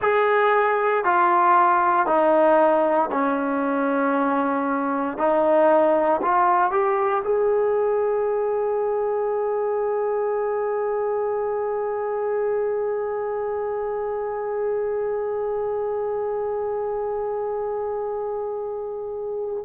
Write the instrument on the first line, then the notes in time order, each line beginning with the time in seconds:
trombone
0.01 G#4
1.04 F4
2.06 D#4
3.11 C#4
5.17 D#4
6.22 F4
6.71 G4
7.24 G#4